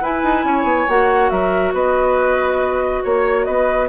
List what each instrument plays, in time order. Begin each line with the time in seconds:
0.00 bassoon E4, clarinet E4, oboe B4, flute G#5
0.24 bassoon D#4
0.44 bassoon C#4, oboe C#5
0.63 bassoon B3
0.88 bassoon A#3, clarinet F#4, flute F#5
1.29 bassoon F#3, oboe A#4, flute E5
1.73 bassoon B3, oboe B4, flute D#5
3.03 bassoon A#3, oboe C#5, flute C#5
3.45 bassoon B3, oboe B4, flute D#5